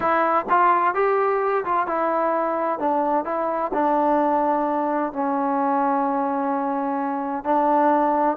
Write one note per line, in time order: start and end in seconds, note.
0.00 0.45 E4
0.49 0.94 F4
0.94 1.64 G4
1.64 1.86 F4
1.86 2.79 E4
2.79 3.25 D4
3.25 3.71 E4
3.73 5.13 D4
5.13 7.44 C#4
7.44 8.37 D4